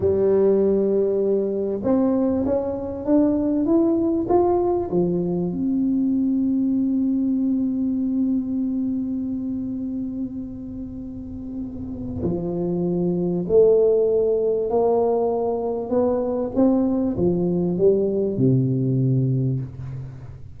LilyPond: \new Staff \with { instrumentName = "tuba" } { \time 4/4 \tempo 4 = 98 g2. c'4 | cis'4 d'4 e'4 f'4 | f4 c'2.~ | c'1~ |
c'1 | f2 a2 | ais2 b4 c'4 | f4 g4 c2 | }